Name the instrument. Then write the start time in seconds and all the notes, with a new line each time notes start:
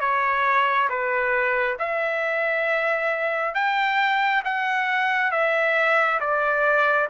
trumpet
0.00 C#5
0.89 B4
1.78 E5
3.54 G5
4.44 F#5
5.31 E5
6.20 D5